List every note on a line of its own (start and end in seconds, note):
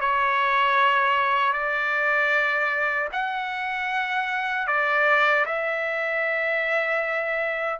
0.00 1.53 C#5
1.53 3.09 D5
3.12 4.67 F#5
4.67 5.45 D5
5.45 7.79 E5